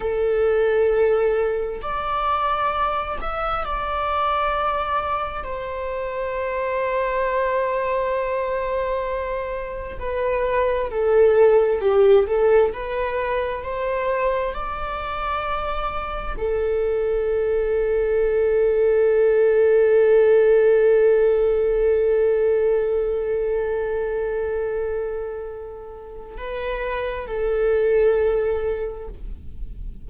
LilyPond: \new Staff \with { instrumentName = "viola" } { \time 4/4 \tempo 4 = 66 a'2 d''4. e''8 | d''2 c''2~ | c''2. b'4 | a'4 g'8 a'8 b'4 c''4 |
d''2 a'2~ | a'1~ | a'1~ | a'4 b'4 a'2 | }